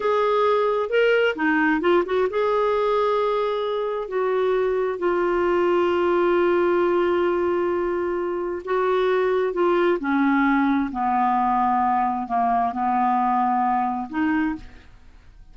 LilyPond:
\new Staff \with { instrumentName = "clarinet" } { \time 4/4 \tempo 4 = 132 gis'2 ais'4 dis'4 | f'8 fis'8 gis'2.~ | gis'4 fis'2 f'4~ | f'1~ |
f'2. fis'4~ | fis'4 f'4 cis'2 | b2. ais4 | b2. dis'4 | }